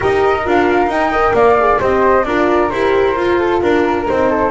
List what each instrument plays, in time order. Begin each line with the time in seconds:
0.00 double bass D#4, horn G4, flute A#4 D#5
0.45 double bass D4, horn F4, flute F5
0.87 double bass D#4, horn D#4, flute G5
1.10 horn A#4, flute D#5
1.33 double bass A#3, flute D5 F5
1.59 horn G#4
1.79 double bass C4, horn G4, flute C5 D#5
2.24 double bass D4, horn F4, flute A#4 D5
2.69 double bass E4, horn G4, flute C5
3.16 double bass F4, horn F4
3.39 flute A4
3.60 double bass D4, flute A#4
4.06 double bass C4, horn D#4, flute C5
4.29 flute A4